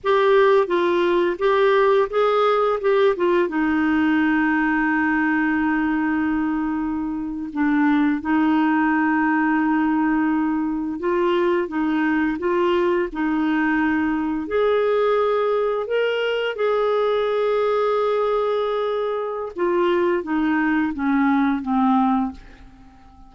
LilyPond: \new Staff \with { instrumentName = "clarinet" } { \time 4/4 \tempo 4 = 86 g'4 f'4 g'4 gis'4 | g'8 f'8 dis'2.~ | dis'2~ dis'8. d'4 dis'16~ | dis'2.~ dis'8. f'16~ |
f'8. dis'4 f'4 dis'4~ dis'16~ | dis'8. gis'2 ais'4 gis'16~ | gis'1 | f'4 dis'4 cis'4 c'4 | }